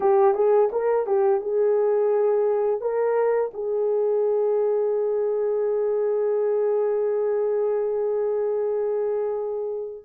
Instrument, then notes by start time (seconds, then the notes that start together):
horn
0.00 G4
0.34 G#4
0.72 A#4
1.06 G4
1.40 G#4
2.80 A#4
3.53 G#4